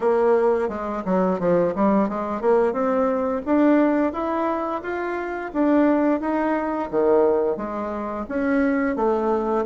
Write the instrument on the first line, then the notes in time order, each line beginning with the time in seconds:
bassoon
0.00 A#3
0.68 G#3
1.05 F#3
1.39 F3
1.75 G3
2.08 G#3
2.41 A#3
2.72 C4
3.45 D4
4.12 E4
4.82 F4
5.53 D4
6.20 D#4
6.90 D#3
7.56 G#3
8.28 C#4
8.96 A3